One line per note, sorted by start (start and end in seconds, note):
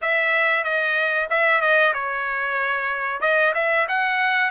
0.01 0.63 E5
0.63 1.28 D#5
1.30 1.61 E5
1.61 1.93 D#5
1.93 3.21 C#5
3.21 3.53 D#5
3.54 3.86 E5
3.88 4.50 F#5